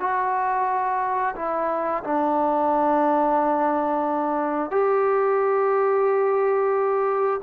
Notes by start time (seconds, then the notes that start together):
0.00 F#4
1.35 E4
2.03 D4
4.71 G4